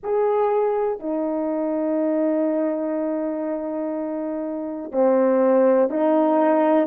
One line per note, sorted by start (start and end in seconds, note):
0.03 0.99 G#4
0.99 4.91 D#4
4.91 5.90 C4
5.90 6.87 D#4